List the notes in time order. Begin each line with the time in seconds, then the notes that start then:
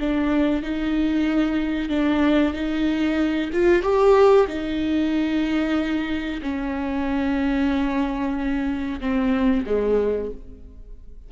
0.00 D4
0.63 D#4
1.89 D4
2.54 D#4
3.53 F4
3.83 G4
4.48 D#4
6.42 C#4
9.01 C4
9.67 G#3